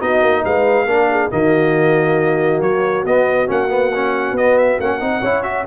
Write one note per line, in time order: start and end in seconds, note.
0.00 0.22 B3
0.00 0.87 D#4
0.00 0.43 F#4
0.00 0.45 D#5
0.22 0.44 A#3
0.45 0.86 G#3
0.45 0.87 B4
0.45 1.31 F5
0.86 1.29 A#3
0.86 1.31 D4
0.86 1.09 A#4
1.11 1.32 G#4
1.31 2.61 D#3
1.31 3.05 A#3
1.31 5.20 F#4
1.31 2.62 D#5
2.61 3.04 F#3
2.61 3.05 C#5
3.04 3.48 B3
3.04 3.47 B3
3.04 3.50 D#5
3.47 4.32 A#3
3.47 3.68 C#4
3.47 4.38 F#5
3.70 3.92 B3
3.95 4.39 C#4
4.32 4.76 B3
4.32 4.58 D#5
4.39 4.81 B3
4.58 4.80 E5
4.80 5.01 A#3
4.80 5.00 C#4
4.80 5.43 F#5
5.00 5.23 C4
5.00 5.22 D#4
5.20 5.67 C#4
5.20 5.44 E4
5.20 5.64 C#5
5.43 5.65 F#4
5.43 5.65 E5